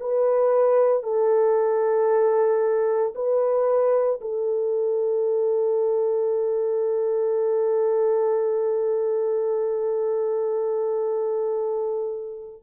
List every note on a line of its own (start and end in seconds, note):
0.00 1.03 B4
1.03 3.13 A4
3.15 4.20 B4
4.21 12.63 A4